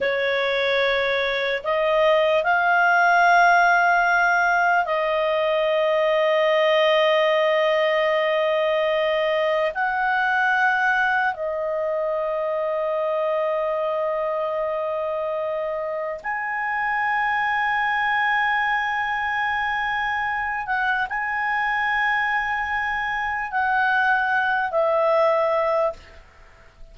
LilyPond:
\new Staff \with { instrumentName = "clarinet" } { \time 4/4 \tempo 4 = 74 cis''2 dis''4 f''4~ | f''2 dis''2~ | dis''1 | fis''2 dis''2~ |
dis''1 | gis''1~ | gis''4. fis''8 gis''2~ | gis''4 fis''4. e''4. | }